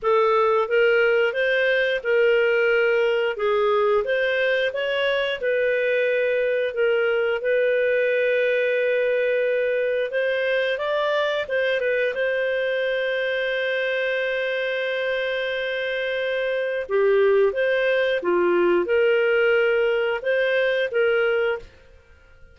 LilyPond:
\new Staff \with { instrumentName = "clarinet" } { \time 4/4 \tempo 4 = 89 a'4 ais'4 c''4 ais'4~ | ais'4 gis'4 c''4 cis''4 | b'2 ais'4 b'4~ | b'2. c''4 |
d''4 c''8 b'8 c''2~ | c''1~ | c''4 g'4 c''4 f'4 | ais'2 c''4 ais'4 | }